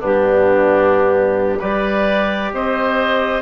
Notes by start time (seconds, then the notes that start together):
0.00 G2 B3 D4 G4
1.59 G3 G4 B4 D5
2.53 C4 C5 D#5